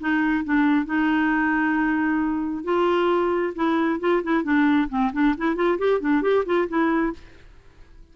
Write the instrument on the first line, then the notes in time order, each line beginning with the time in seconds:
clarinet
0.00 D#4
0.44 D4
0.85 D#4
2.64 F4
3.55 E4
4.00 F4
4.23 E4
4.44 D4
4.89 C4
5.13 D4
5.38 E4
5.56 F4
5.79 G4
6.01 D4
6.22 G4
6.46 F4
6.68 E4